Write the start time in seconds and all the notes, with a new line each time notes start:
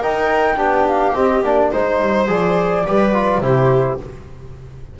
0.00 D#4 A#4 G5
0.57 B3 D4 G4
0.88 F5
1.15 C4 D#5
1.44 A#3 D4 D5
1.72 G#3 D#4 C5
2.01 G3
2.28 F3 G#4 D5
2.87 G3 G4 B4
3.14 F4
3.38 C3 E4 G4 C5